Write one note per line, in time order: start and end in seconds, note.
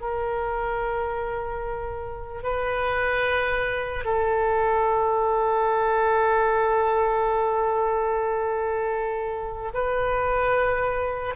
0.00 2.43 A#4
2.43 4.04 B4
4.04 9.72 A4
9.73 11.35 B4